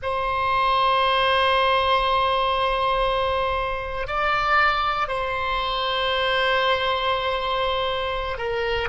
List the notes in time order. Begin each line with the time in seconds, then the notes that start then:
0.02 C5
4.07 D5
5.08 C5
8.37 A#4